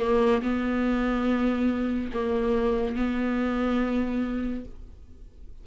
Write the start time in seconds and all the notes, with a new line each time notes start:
0.00 A#3
0.43 B3
2.14 A#3
2.96 B3